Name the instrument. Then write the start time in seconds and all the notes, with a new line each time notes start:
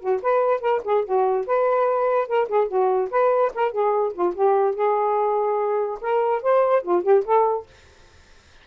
saxophone
0.00 F#4
0.22 B4
0.61 A#4
0.84 G#4
1.05 F#4
1.47 B4
2.28 A#4
2.48 G#4
2.68 F#4
3.11 B4
3.54 A#4
3.72 G#4
4.13 F4
4.34 G4
4.75 G#4
6.01 A#4
6.42 C5
6.83 F4
7.03 G4
7.25 A4